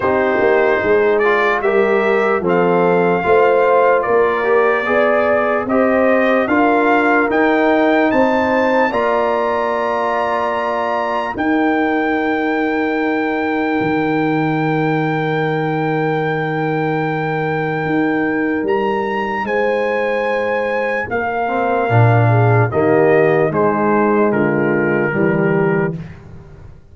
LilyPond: <<
  \new Staff \with { instrumentName = "trumpet" } { \time 4/4 \tempo 4 = 74 c''4. d''8 e''4 f''4~ | f''4 d''2 dis''4 | f''4 g''4 a''4 ais''4~ | ais''2 g''2~ |
g''1~ | g''2. ais''4 | gis''2 f''2 | dis''4 c''4 ais'2 | }
  \new Staff \with { instrumentName = "horn" } { \time 4/4 g'4 gis'4 ais'4 a'4 | c''4 ais'4 d''4 c''4 | ais'2 c''4 d''4~ | d''2 ais'2~ |
ais'1~ | ais'1 | c''2 ais'4. gis'8 | g'4 dis'4 f'4 g'4 | }
  \new Staff \with { instrumentName = "trombone" } { \time 4/4 dis'4. f'8 g'4 c'4 | f'4. g'8 gis'4 g'4 | f'4 dis'2 f'4~ | f'2 dis'2~ |
dis'1~ | dis'1~ | dis'2~ dis'8 c'8 d'4 | ais4 gis2 g4 | }
  \new Staff \with { instrumentName = "tuba" } { \time 4/4 c'8 ais8 gis4 g4 f4 | a4 ais4 b4 c'4 | d'4 dis'4 c'4 ais4~ | ais2 dis'2~ |
dis'4 dis2.~ | dis2 dis'4 g4 | gis2 ais4 ais,4 | dis4 gis4 d4 e4 | }
>>